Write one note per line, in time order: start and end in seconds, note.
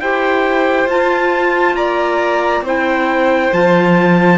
0.00 0.85 E4
0.00 0.89 G4
0.00 1.77 C5
0.00 0.88 G5
0.85 1.73 F4
0.85 2.65 F4
0.85 1.75 A5
1.73 2.61 A#3
1.73 2.65 D5
1.73 2.63 A#5
2.61 3.49 C4
2.61 3.52 E4
2.61 4.38 C5
2.67 3.53 G5
3.52 4.38 F3
3.52 4.38 F4
3.52 4.38 A5